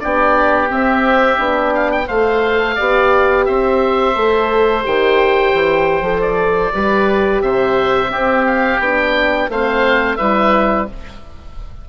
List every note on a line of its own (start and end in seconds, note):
0.00 0.70 B3
0.00 0.69 D4
0.00 2.07 G4
0.00 0.69 D5
0.69 1.38 C4
0.69 1.39 C4
0.69 1.74 E5
1.38 2.08 B3
1.38 2.07 D4
1.74 1.92 F5
1.92 2.08 G5
2.07 2.78 A3
2.07 2.79 A4
2.07 2.76 C5
2.07 3.45 F5
2.76 3.48 B3
2.76 4.15 G4
2.76 3.45 D5
3.45 4.16 C4
3.45 6.74 C5
3.45 4.83 E5
4.15 4.85 A3
4.15 4.83 A4
4.83 5.53 D#3
4.83 6.03 G4
4.83 6.22 G5
5.53 6.02 E3
6.02 6.71 F3
6.02 6.72 A4
6.22 7.42 D5
6.74 7.42 G3
6.74 8.09 G4
6.74 7.43 B4
7.42 8.11 C3
7.42 8.11 C5
7.42 8.45 E5
8.09 8.78 C4
8.09 8.79 C4
8.09 9.49 G4
8.47 8.81 F5
8.79 9.48 B3
8.79 9.52 D4
8.79 9.51 G5
9.49 10.18 A3
9.49 10.19 C4
9.49 10.18 C5
9.49 10.17 F5
10.17 10.89 G3
10.17 10.88 E4
10.17 10.87 B4
10.17 10.86 E5